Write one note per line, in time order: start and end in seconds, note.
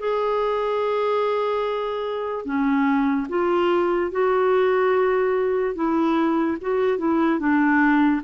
0.00 2.45 G#4
2.45 3.28 C#4
3.30 4.12 F4
4.12 5.76 F#4
5.76 6.58 E4
6.62 6.99 F#4
6.99 7.40 E4
7.40 8.22 D4